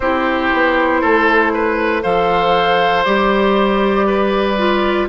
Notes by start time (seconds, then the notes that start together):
0.00 C4 E4 G4 C5
0.53 B3
1.01 A3 A4
1.53 B4
2.03 F3 A4 C5 F5
3.04 G3 G4 D5
4.06 B4
4.57 F4